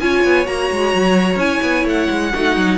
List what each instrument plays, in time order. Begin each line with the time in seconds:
0.00 cello C#4, viola F4, violin C#5 G#5
0.24 cello B3
0.45 cello A#3, viola F#4, violin A#5
0.71 cello G#3
0.94 cello F#3
1.36 cello C#4, viola E4, violin G#5
1.62 cello B3
1.85 cello A3, violin F#5
2.10 cello G#3
2.34 cello A3, viola D#4, violin F#4
2.57 cello F#3